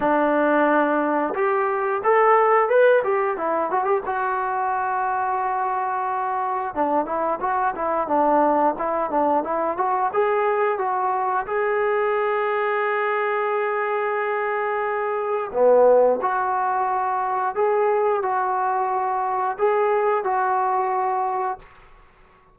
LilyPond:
\new Staff \with { instrumentName = "trombone" } { \time 4/4 \tempo 4 = 89 d'2 g'4 a'4 | b'8 g'8 e'8 fis'16 g'16 fis'2~ | fis'2 d'8 e'8 fis'8 e'8 | d'4 e'8 d'8 e'8 fis'8 gis'4 |
fis'4 gis'2.~ | gis'2. b4 | fis'2 gis'4 fis'4~ | fis'4 gis'4 fis'2 | }